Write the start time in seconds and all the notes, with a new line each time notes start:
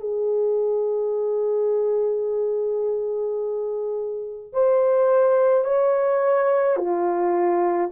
0.00 G#4
4.53 C5
5.64 C#5
6.77 F4